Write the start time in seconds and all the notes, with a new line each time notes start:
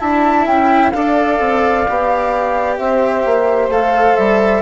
0.00 D4 E4 E5 A5
0.47 C#4 G5
0.92 D4 A4 D5 F5
1.40 C4
1.88 B3 G4
2.77 C4 C5 E5
3.26 A#3
3.69 A3 A4 F5
4.16 G3 E5